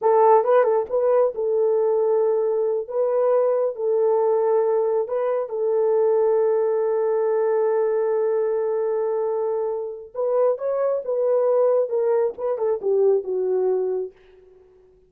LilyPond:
\new Staff \with { instrumentName = "horn" } { \time 4/4 \tempo 4 = 136 a'4 b'8 a'8 b'4 a'4~ | a'2~ a'8 b'4.~ | b'8 a'2. b'8~ | b'8 a'2.~ a'8~ |
a'1~ | a'2. b'4 | cis''4 b'2 ais'4 | b'8 a'8 g'4 fis'2 | }